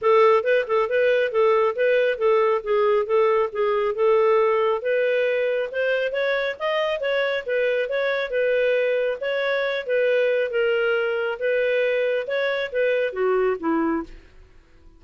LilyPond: \new Staff \with { instrumentName = "clarinet" } { \time 4/4 \tempo 4 = 137 a'4 b'8 a'8 b'4 a'4 | b'4 a'4 gis'4 a'4 | gis'4 a'2 b'4~ | b'4 c''4 cis''4 dis''4 |
cis''4 b'4 cis''4 b'4~ | b'4 cis''4. b'4. | ais'2 b'2 | cis''4 b'4 fis'4 e'4 | }